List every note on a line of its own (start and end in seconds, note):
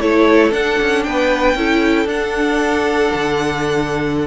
0.00 0.51 A3
0.00 0.52 E4
0.00 1.05 A4
0.00 0.52 C#5
0.51 0.77 D4
0.51 1.57 D4
0.51 1.03 F#5
0.81 1.06 C#4
1.03 1.54 B3
1.03 1.57 B4
1.03 2.07 G5
1.54 2.05 C#4
1.54 2.07 E4
1.54 4.27 A4
2.05 3.09 D4
2.05 4.27 D4
2.05 4.27 F#5
3.14 4.27 D3